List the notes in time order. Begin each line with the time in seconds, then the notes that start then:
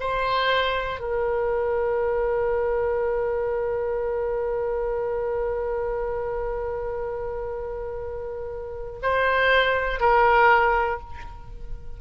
0.00 C5
1.00 A#4
9.03 C5
10.00 A#4